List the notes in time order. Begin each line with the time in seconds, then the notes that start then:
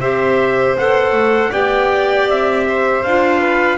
0.00 C4 G4 C5 E5
0.78 B3 A4 F#5
1.12 A3
1.51 B3 G4 D5 G5
2.28 C4 E5
2.68 C5
3.03 D4 F4 F5
3.40 B4